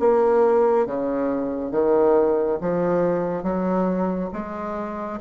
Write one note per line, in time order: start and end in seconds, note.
0.00 0.86 A#3
0.86 1.72 C#3
1.72 2.58 D#3
2.61 3.43 F3
3.43 4.30 F#3
4.33 5.20 G#3